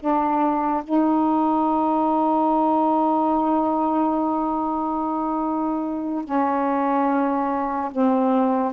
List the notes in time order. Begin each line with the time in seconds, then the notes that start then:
0.00 D4
0.84 D#4
6.25 C#4
7.92 C4